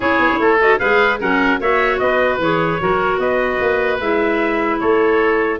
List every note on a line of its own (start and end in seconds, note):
0.00 0.19 C#4
0.00 0.58 E4
0.00 0.39 G#4
0.00 0.61 C#5
0.19 0.29 B3
0.32 0.39 C#4
0.39 0.79 A3
0.39 0.79 A4
0.59 0.79 F#4
0.59 0.78 D#5
0.78 1.21 G#3
0.78 1.19 G#4
0.78 1.19 B4
0.78 1.18 F5
1.20 1.59 F#3
1.20 1.60 C#4
1.20 1.60 A#4
1.20 1.61 F#5
1.59 1.99 A#3
1.59 2.40 F#4
1.59 2.00 C#5
1.59 1.99 E5
1.99 2.38 B3
1.99 2.82 B4
1.99 2.39 D#5
2.38 2.78 E3
2.38 2.80 G#4
2.38 3.19 C#5
2.80 3.18 F#3
2.80 4.00 F#4
2.80 3.20 A#4
3.18 3.58 B3
3.18 4.80 B4
3.18 3.99 D#5
3.60 3.99 A#3
3.99 4.79 G#3
3.99 5.59 E4
3.99 4.79 E5
4.79 5.59 A3
4.79 5.59 A4
4.79 5.59 C#5